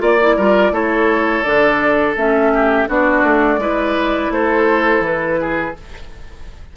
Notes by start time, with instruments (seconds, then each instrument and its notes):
0.00 bassoon A#3, clarinet F4, oboe D5, flute D5
0.22 clarinet E4
0.36 bassoon G3, clarinet F4, oboe A#4
0.72 bassoon A3, clarinet E4, oboe A4, flute C#5
1.43 bassoon D3, clarinet D4, flute D5
2.16 bassoon A3, clarinet C#4, flute E5
2.54 oboe G4
2.88 bassoon B3, clarinet D4, oboe F#4, flute D5
3.24 bassoon A3
3.58 bassoon G#3, clarinet E4, oboe B4
4.31 bassoon A3, oboe A4, flute C5
5.00 bassoon E3, flute B4
5.41 oboe G#4